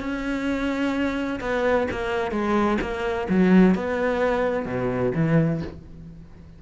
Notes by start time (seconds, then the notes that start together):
0.00 C#4
1.40 B3
1.91 A#3
2.31 G#3
2.81 A#3
3.29 F#3
3.75 B3
4.66 B2
5.15 E3